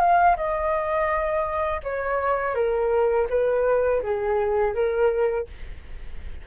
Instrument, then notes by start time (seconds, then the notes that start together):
flute
0.00 F5
0.36 D#5
1.83 C#5
2.55 A#4
3.30 B4
4.03 G#4
4.75 A#4